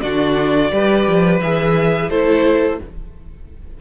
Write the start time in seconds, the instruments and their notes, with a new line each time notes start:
0.00 cello D3, viola D4, violin F#4 D5
0.72 cello G3, viola G4, violin B4
1.07 cello F3
1.40 cello E3, viola G#4, violin E5
2.09 cello A3, viola E4, violin A4 C5